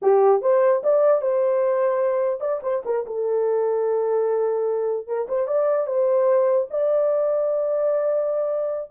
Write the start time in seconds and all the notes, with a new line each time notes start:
0.01 G4
0.41 C5
0.83 D5
1.21 C5
2.40 D5
2.63 C5
2.85 A#4
3.06 A4
5.07 A#4
5.28 C5
5.47 D5
5.86 C5
6.70 D5